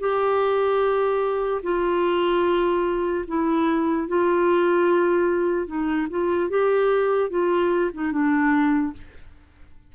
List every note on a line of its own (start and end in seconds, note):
0.00 1.62 G4
1.63 3.25 F4
3.28 4.08 E4
4.08 5.67 F4
5.67 6.07 D#4
6.10 6.50 F4
6.50 7.30 G4
7.30 7.91 F4
7.94 8.12 D#4
8.12 8.93 D4